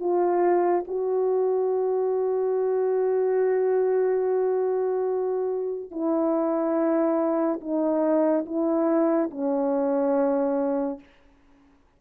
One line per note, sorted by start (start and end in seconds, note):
0.00 0.85 F4
0.88 5.91 F#4
5.91 7.60 E4
7.61 8.45 D#4
8.46 9.30 E4
9.31 11.00 C#4